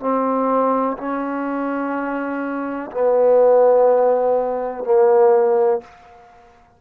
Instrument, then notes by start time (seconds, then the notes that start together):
trombone
0.00 C4
0.97 C#4
2.91 B3
4.84 A#3